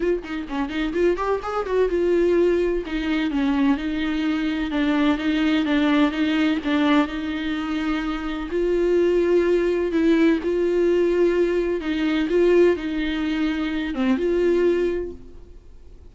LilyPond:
\new Staff \with { instrumentName = "viola" } { \time 4/4 \tempo 4 = 127 f'8 dis'8 cis'8 dis'8 f'8 g'8 gis'8 fis'8 | f'2 dis'4 cis'4 | dis'2 d'4 dis'4 | d'4 dis'4 d'4 dis'4~ |
dis'2 f'2~ | f'4 e'4 f'2~ | f'4 dis'4 f'4 dis'4~ | dis'4. c'8 f'2 | }